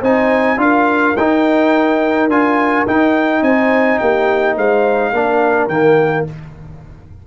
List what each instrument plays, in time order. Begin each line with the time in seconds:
0.00 tuba C4, trombone D#4, horn C5, trumpet G#5
0.57 tuba D4, trombone F4, horn A#4, trumpet F5
1.17 tuba D#4, trombone D#4, trumpet G5
2.28 tuba D4, trombone F4, trumpet G#5
2.87 tuba D#4, trombone D#4, trumpet G5
3.42 tuba C4, horn C5, trumpet G#5
3.99 tuba A#3, horn G4, trumpet G5
4.57 tuba G#3, horn C5, trumpet F5
5.11 tuba A#3, trombone D4, horn A#4
5.68 tuba D#3, trombone A#3, trumpet G5